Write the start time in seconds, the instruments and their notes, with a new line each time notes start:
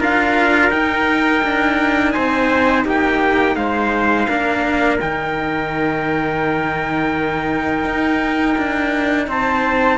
0.00 cello D4 F4, trumpet A#4 F5
0.71 cello D#4, trumpet G5
1.44 cello D4
2.12 cello C4, trumpet C5 G#5
2.85 cello A#3, trumpet G4 G5
3.56 cello G#3, trumpet C5 F5
4.29 cello A#3 D4, trumpet A#4
5.00 cello D#3 D#4, trumpet G5
7.85 cello D#4
8.58 cello D4
9.28 cello C4, trumpet C5 A5